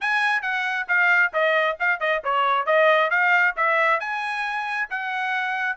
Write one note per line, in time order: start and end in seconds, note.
0.01 0.41 G#5
0.41 0.86 F#5
0.87 1.32 F5
1.33 1.77 D#5
1.79 2.00 F5
2.00 2.22 D#5
2.23 2.65 C#5
2.65 3.10 D#5
3.10 3.54 F5
3.56 4.00 E5
4.00 4.88 G#5
4.89 5.76 F#5